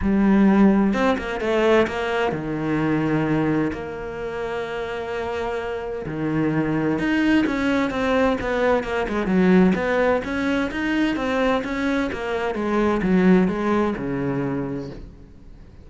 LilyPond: \new Staff \with { instrumentName = "cello" } { \time 4/4 \tempo 4 = 129 g2 c'8 ais8 a4 | ais4 dis2. | ais1~ | ais4 dis2 dis'4 |
cis'4 c'4 b4 ais8 gis8 | fis4 b4 cis'4 dis'4 | c'4 cis'4 ais4 gis4 | fis4 gis4 cis2 | }